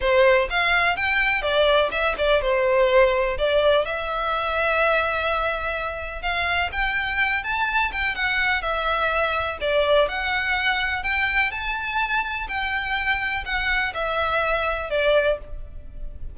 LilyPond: \new Staff \with { instrumentName = "violin" } { \time 4/4 \tempo 4 = 125 c''4 f''4 g''4 d''4 | e''8 d''8 c''2 d''4 | e''1~ | e''4 f''4 g''4. a''8~ |
a''8 g''8 fis''4 e''2 | d''4 fis''2 g''4 | a''2 g''2 | fis''4 e''2 d''4 | }